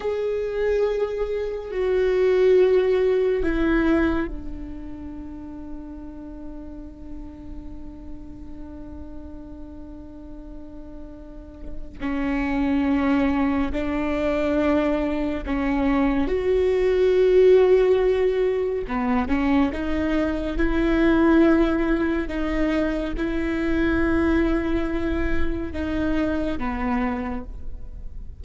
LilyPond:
\new Staff \with { instrumentName = "viola" } { \time 4/4 \tempo 4 = 70 gis'2 fis'2 | e'4 d'2.~ | d'1~ | d'2 cis'2 |
d'2 cis'4 fis'4~ | fis'2 b8 cis'8 dis'4 | e'2 dis'4 e'4~ | e'2 dis'4 b4 | }